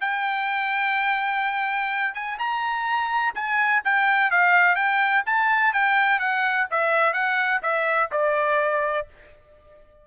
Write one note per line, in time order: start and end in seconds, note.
0.00 2.14 G5
2.14 2.38 G#5
2.38 3.34 A#5
3.35 3.82 G#5
3.84 4.31 G5
4.31 4.75 F5
4.75 5.23 G5
5.26 5.73 A5
5.73 6.19 G5
6.19 6.66 F#5
6.70 7.13 E5
7.13 7.60 F#5
7.62 8.10 E5
8.11 9.07 D5